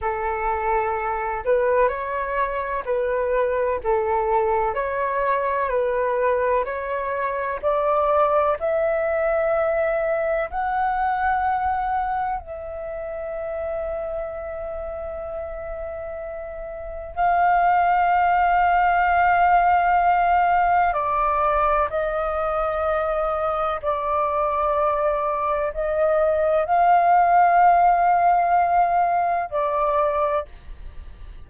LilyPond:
\new Staff \with { instrumentName = "flute" } { \time 4/4 \tempo 4 = 63 a'4. b'8 cis''4 b'4 | a'4 cis''4 b'4 cis''4 | d''4 e''2 fis''4~ | fis''4 e''2.~ |
e''2 f''2~ | f''2 d''4 dis''4~ | dis''4 d''2 dis''4 | f''2. d''4 | }